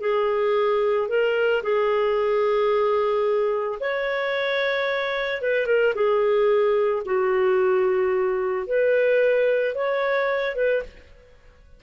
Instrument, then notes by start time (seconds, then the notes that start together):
clarinet
0.00 G#4
1.08 A#4
1.62 G#4
3.80 C#5
5.41 B4
5.66 A#4
5.94 G#4
7.05 F#4
8.67 B4
9.75 C#5
10.55 B4